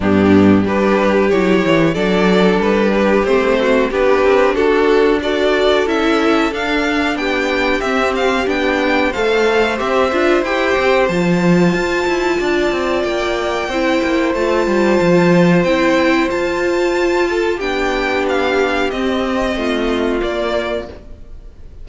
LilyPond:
<<
  \new Staff \with { instrumentName = "violin" } { \time 4/4 \tempo 4 = 92 g'4 b'4 cis''4 d''4 | b'4 c''4 b'4 a'4 | d''4 e''4 f''4 g''4 | e''8 f''8 g''4 f''4 e''4 |
g''4 a''2. | g''2 a''2 | g''4 a''2 g''4 | f''4 dis''2 d''4 | }
  \new Staff \with { instrumentName = "violin" } { \time 4/4 d'4 g'2 a'4~ | a'8 g'4 fis'8 g'4 fis'4 | a'2. g'4~ | g'2 c''2~ |
c''2. d''4~ | d''4 c''2.~ | c''2~ c''8 a'8 g'4~ | g'2 f'2 | }
  \new Staff \with { instrumentName = "viola" } { \time 4/4 b4 d'4 e'4 d'4~ | d'4 c'4 d'2 | fis'4 e'4 d'2 | c'4 d'4 a'4 g'8 f'8 |
g'4 f'2.~ | f'4 e'4 f'2 | e'4 f'2 d'4~ | d'4 c'2 ais4 | }
  \new Staff \with { instrumentName = "cello" } { \time 4/4 g,4 g4 fis8 e8 fis4 | g4 a4 b8 c'8 d'4~ | d'4 cis'4 d'4 b4 | c'4 b4 a4 c'8 d'8 |
e'8 c'8 f4 f'8 e'8 d'8 c'8 | ais4 c'8 ais8 a8 g8 f4 | c'4 f'2 b4~ | b4 c'4 a4 ais4 | }
>>